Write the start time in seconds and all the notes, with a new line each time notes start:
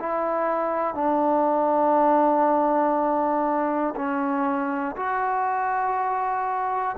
0.00 E4
0.95 D4
3.96 C#4
4.97 F#4